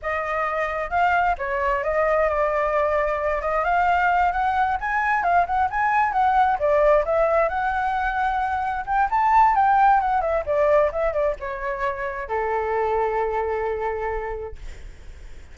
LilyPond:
\new Staff \with { instrumentName = "flute" } { \time 4/4 \tempo 4 = 132 dis''2 f''4 cis''4 | dis''4 d''2~ d''8 dis''8 | f''4. fis''4 gis''4 f''8 | fis''8 gis''4 fis''4 d''4 e''8~ |
e''8 fis''2. g''8 | a''4 g''4 fis''8 e''8 d''4 | e''8 d''8 cis''2 a'4~ | a'1 | }